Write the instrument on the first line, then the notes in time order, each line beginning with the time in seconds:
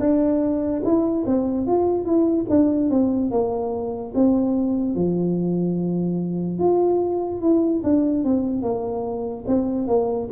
tuba
0.00 D4
0.84 E4
1.27 C4
1.67 F4
2.05 E4
2.50 D4
2.90 C4
3.31 A#3
4.15 C4
4.95 F3
6.59 F4
7.41 E4
7.84 D4
8.25 C4
8.63 A#3
9.47 C4
9.88 A#3